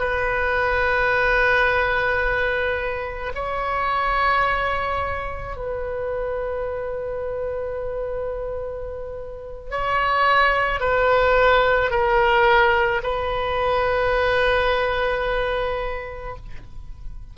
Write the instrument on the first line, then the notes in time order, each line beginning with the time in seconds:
oboe
0.00 B4
3.35 C#5
5.57 B4
9.71 C#5
10.80 B4
11.91 A#4
13.04 B4